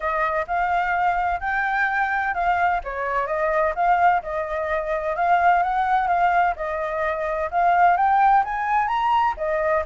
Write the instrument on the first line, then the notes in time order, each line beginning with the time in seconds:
flute
0.00 D#5
0.47 F5
1.40 G5
2.34 F5
2.84 C#5
3.26 D#5
3.75 F5
4.22 D#5
5.16 F5
5.62 F#5
6.07 F5
6.56 D#5
7.51 F5
7.96 G5
8.44 G#5
8.87 A#5
9.37 D#5